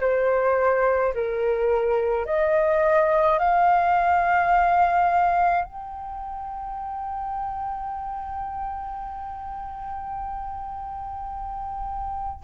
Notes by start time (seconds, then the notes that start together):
0.00 C5
1.14 A#4
2.25 D#5
3.39 F5
5.64 G5